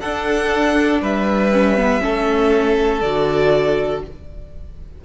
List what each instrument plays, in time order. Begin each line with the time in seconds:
0.00 viola D4, cello D4, violin A4 F#5
1.01 cello G3, violin B4 E5
1.52 viola C#4
1.77 viola B3
2.00 cello A3, viola C#4, violin A4
3.01 cello D3, viola F#4, violin D5